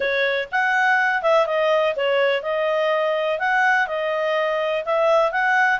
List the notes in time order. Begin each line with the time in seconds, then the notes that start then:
0.00 C#5
0.51 F#5
1.22 E5
1.46 D#5
1.96 C#5
2.42 D#5
3.39 F#5
3.87 D#5
4.85 E5
5.31 F#5